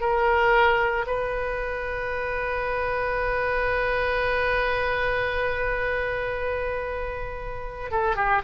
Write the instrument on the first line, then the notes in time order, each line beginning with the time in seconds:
oboe
0.00 A#4
1.07 B4
7.91 A4
8.16 G4